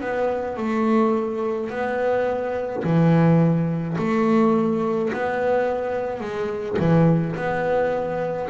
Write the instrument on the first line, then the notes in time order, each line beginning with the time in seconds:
double bass
0.00 B3
0.57 A3
1.70 B3
2.84 E3
3.98 A3
5.13 B3
6.20 G#3
6.79 E3
7.36 B3